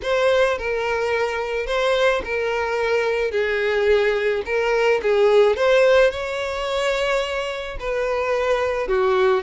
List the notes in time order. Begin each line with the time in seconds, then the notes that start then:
0.02 C5
0.57 A#4
1.66 C5
2.24 A#4
3.31 G#4
4.45 A#4
5.02 G#4
5.56 C5
6.10 C#5
7.79 B4
8.87 F#4